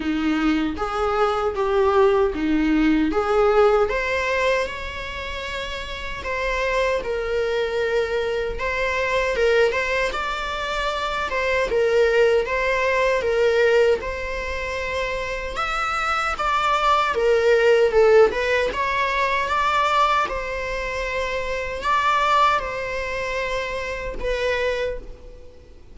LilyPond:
\new Staff \with { instrumentName = "viola" } { \time 4/4 \tempo 4 = 77 dis'4 gis'4 g'4 dis'4 | gis'4 c''4 cis''2 | c''4 ais'2 c''4 | ais'8 c''8 d''4. c''8 ais'4 |
c''4 ais'4 c''2 | e''4 d''4 ais'4 a'8 b'8 | cis''4 d''4 c''2 | d''4 c''2 b'4 | }